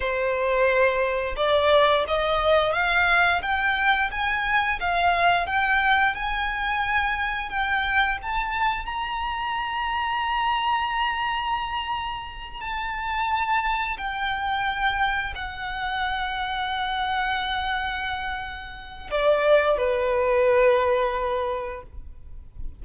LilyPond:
\new Staff \with { instrumentName = "violin" } { \time 4/4 \tempo 4 = 88 c''2 d''4 dis''4 | f''4 g''4 gis''4 f''4 | g''4 gis''2 g''4 | a''4 ais''2.~ |
ais''2~ ais''8 a''4.~ | a''8 g''2 fis''4.~ | fis''1 | d''4 b'2. | }